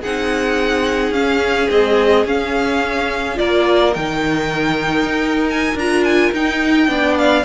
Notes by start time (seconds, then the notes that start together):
0.00 C4 D#4 G#4 F#5
1.11 C#4 F5
1.69 G#3 C4 D#5
2.25 C#4 F5
3.35 A#3 F4 A#4 D5
3.93 D#3 D#4 G5
5.04 D#4
5.50 G#5
5.74 D4 F4 A#5
6.04 G#5
6.32 D#4 G5
6.87 B3 D4 D5
7.17 F5